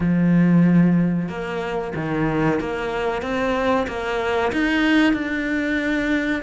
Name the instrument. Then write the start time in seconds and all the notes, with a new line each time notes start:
cello
0.00 F3
1.28 A#3
1.95 D#3
2.60 A#3
3.22 C4
3.87 A#3
4.52 D#4
5.13 D4